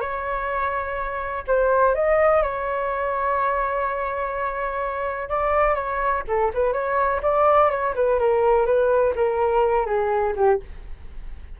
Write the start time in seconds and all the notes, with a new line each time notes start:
0.00 C#5
1.47 C5
1.95 D#5
2.42 C#5
5.29 D5
5.75 C#5
6.27 A4
6.54 B4
6.73 C#5
7.22 D5
7.70 C#5
7.95 B4
8.19 A#4
8.66 B4
9.15 A#4
9.86 G#4
10.36 G4